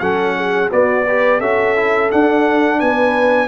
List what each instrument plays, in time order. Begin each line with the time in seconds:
0.00 tuba F#3, trombone C#4, horn A4, trumpet F#5
0.37 horn G#4
0.70 trombone B3, tuba B3, horn F#4, trumpet D5
1.08 trombone G4, horn B4
1.40 tuba C#4, trombone F#4, horn A4, trumpet E5
1.77 trombone E4
2.11 trombone D4, tuba D4, trumpet F#5
2.80 tuba B3, horn B4, trumpet G#5